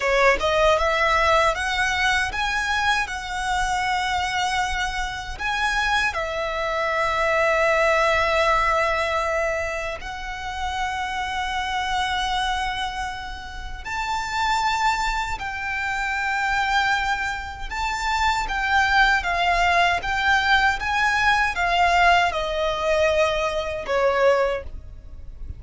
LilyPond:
\new Staff \with { instrumentName = "violin" } { \time 4/4 \tempo 4 = 78 cis''8 dis''8 e''4 fis''4 gis''4 | fis''2. gis''4 | e''1~ | e''4 fis''2.~ |
fis''2 a''2 | g''2. a''4 | g''4 f''4 g''4 gis''4 | f''4 dis''2 cis''4 | }